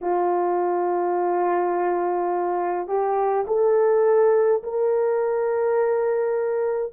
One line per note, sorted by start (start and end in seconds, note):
0.01 2.87 F4
2.87 3.45 G4
3.47 4.62 A4
4.63 6.92 A#4